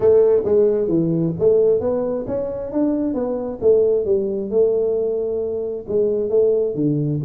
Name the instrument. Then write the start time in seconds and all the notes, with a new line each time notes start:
tuba
0.00 A3
0.44 G#3
0.88 E3
1.39 A3
1.80 B3
2.27 C#4
2.72 D4
3.14 B3
3.61 A3
4.05 G3
4.50 A3
5.87 G#3
6.29 A3
6.74 D3